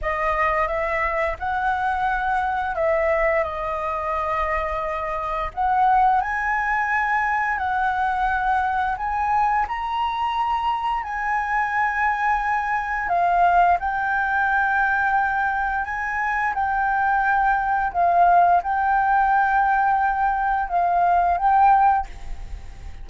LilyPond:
\new Staff \with { instrumentName = "flute" } { \time 4/4 \tempo 4 = 87 dis''4 e''4 fis''2 | e''4 dis''2. | fis''4 gis''2 fis''4~ | fis''4 gis''4 ais''2 |
gis''2. f''4 | g''2. gis''4 | g''2 f''4 g''4~ | g''2 f''4 g''4 | }